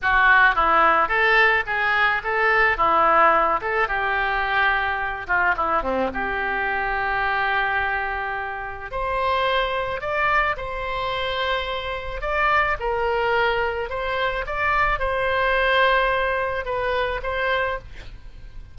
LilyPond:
\new Staff \with { instrumentName = "oboe" } { \time 4/4 \tempo 4 = 108 fis'4 e'4 a'4 gis'4 | a'4 e'4. a'8 g'4~ | g'4. f'8 e'8 c'8 g'4~ | g'1 |
c''2 d''4 c''4~ | c''2 d''4 ais'4~ | ais'4 c''4 d''4 c''4~ | c''2 b'4 c''4 | }